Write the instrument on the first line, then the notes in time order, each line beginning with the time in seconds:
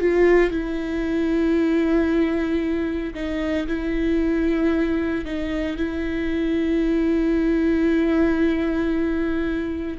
viola
0.00 F4
0.50 E4
3.14 D#4
3.67 E4
5.25 D#4
5.77 E4